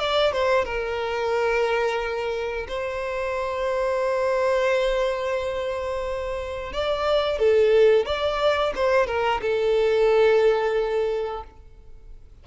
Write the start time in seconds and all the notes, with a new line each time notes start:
0.00 D5
0.33 C5
0.65 A#4
2.69 C5
6.73 D5
7.39 A4
8.06 D5
8.75 C5
9.07 A#4
9.42 A4